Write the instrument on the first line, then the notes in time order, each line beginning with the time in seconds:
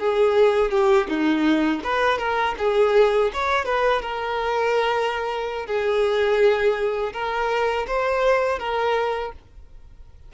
violin
0.00 G#4
0.71 G4
1.09 D#4
1.84 B4
2.19 A#4
2.58 G#4
3.34 C#5
3.66 B4
4.02 A#4
5.67 G#4
7.14 A#4
7.87 C5
8.59 A#4